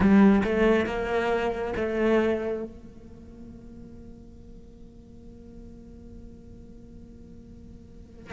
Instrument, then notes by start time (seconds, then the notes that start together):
cello
0.00 G3
0.44 A3
0.86 A#3
1.76 A3
2.64 A#3